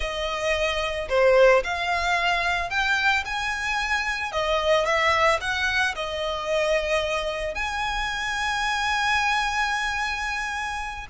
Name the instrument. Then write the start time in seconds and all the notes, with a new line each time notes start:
violin
0.00 D#5
1.09 C5
1.63 F5
2.70 G5
3.25 G#5
4.31 D#5
4.85 E5
5.41 F#5
5.95 D#5
7.55 G#5